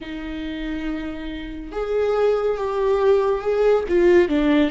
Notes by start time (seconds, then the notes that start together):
0.00 D#4
1.72 G#4
2.57 G4
3.41 G#4
3.88 F4
4.28 D4